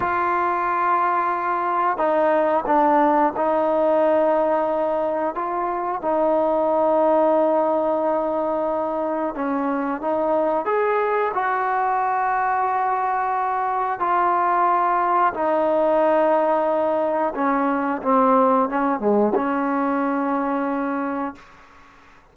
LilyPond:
\new Staff \with { instrumentName = "trombone" } { \time 4/4 \tempo 4 = 90 f'2. dis'4 | d'4 dis'2. | f'4 dis'2.~ | dis'2 cis'4 dis'4 |
gis'4 fis'2.~ | fis'4 f'2 dis'4~ | dis'2 cis'4 c'4 | cis'8 gis8 cis'2. | }